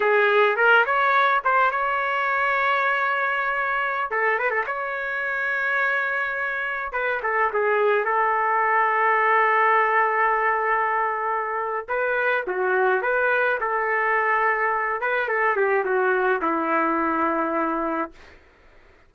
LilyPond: \new Staff \with { instrumentName = "trumpet" } { \time 4/4 \tempo 4 = 106 gis'4 ais'8 cis''4 c''8 cis''4~ | cis''2.~ cis''16 a'8 b'16 | a'16 cis''2.~ cis''8.~ | cis''16 b'8 a'8 gis'4 a'4.~ a'16~ |
a'1~ | a'4 b'4 fis'4 b'4 | a'2~ a'8 b'8 a'8 g'8 | fis'4 e'2. | }